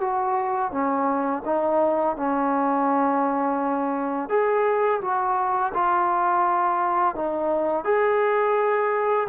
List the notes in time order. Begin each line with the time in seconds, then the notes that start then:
0.00 F#4
0.71 C#4
1.45 D#4
2.16 C#4
4.29 G#4
5.01 F#4
5.74 F4
7.15 D#4
7.84 G#4